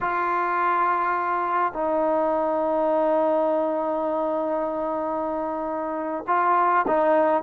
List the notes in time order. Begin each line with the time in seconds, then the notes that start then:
0.00 F4
1.73 D#4
6.27 F4
6.87 D#4